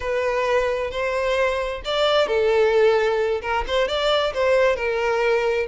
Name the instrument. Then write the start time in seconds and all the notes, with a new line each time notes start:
violin
0.00 B4
0.90 C5
1.84 D5
2.27 A4
3.41 A#4
3.67 C5
3.88 D5
4.33 C5
4.75 A#4